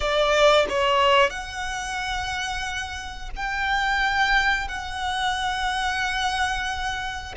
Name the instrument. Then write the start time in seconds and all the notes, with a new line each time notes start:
violin
0.00 D5
0.69 C#5
1.29 F#5
3.35 G5
4.68 F#5